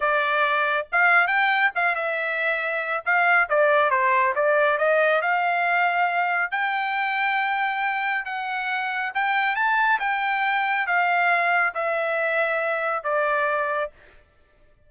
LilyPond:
\new Staff \with { instrumentName = "trumpet" } { \time 4/4 \tempo 4 = 138 d''2 f''4 g''4 | f''8 e''2~ e''8 f''4 | d''4 c''4 d''4 dis''4 | f''2. g''4~ |
g''2. fis''4~ | fis''4 g''4 a''4 g''4~ | g''4 f''2 e''4~ | e''2 d''2 | }